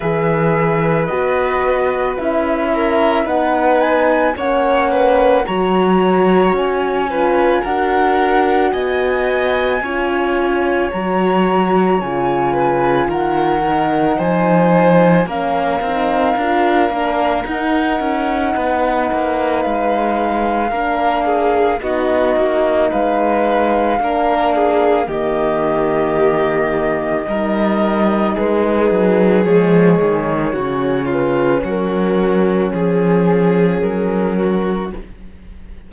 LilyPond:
<<
  \new Staff \with { instrumentName = "flute" } { \time 4/4 \tempo 4 = 55 e''4 dis''4 e''4 fis''8 gis''8 | fis''4 ais''4 gis''4 fis''4 | gis''2 ais''4 gis''4 | fis''4 gis''4 f''2 |
fis''2 f''2 | dis''4 f''2 dis''4~ | dis''2 b'4 cis''4~ | cis''8 b'8 ais'4 gis'4 ais'4 | }
  \new Staff \with { instrumentName = "violin" } { \time 4/4 b'2~ b'8 ais'8 b'4 | cis''8 b'8 cis''4. b'8 ais'4 | dis''4 cis''2~ cis''8 b'8 | ais'4 c''4 ais'2~ |
ais'4 b'2 ais'8 gis'8 | fis'4 b'4 ais'8 gis'8 g'4~ | g'4 ais'4 gis'2 | fis'8 f'8 fis'4 gis'4. fis'8 | }
  \new Staff \with { instrumentName = "horn" } { \time 4/4 gis'4 fis'4 e'4 dis'4 | cis'4 fis'4. f'8 fis'4~ | fis'4 f'4 fis'4 f'4~ | f'8 dis'4. cis'8 dis'8 f'8 d'8 |
dis'2. d'4 | dis'2 d'4 ais4~ | ais4 dis'2 gis4 | cis'1 | }
  \new Staff \with { instrumentName = "cello" } { \time 4/4 e4 b4 cis'4 b4 | ais4 fis4 cis'4 d'4 | b4 cis'4 fis4 cis4 | dis4 f4 ais8 c'8 d'8 ais8 |
dis'8 cis'8 b8 ais8 gis4 ais4 | b8 ais8 gis4 ais4 dis4~ | dis4 g4 gis8 fis8 f8 dis8 | cis4 fis4 f4 fis4 | }
>>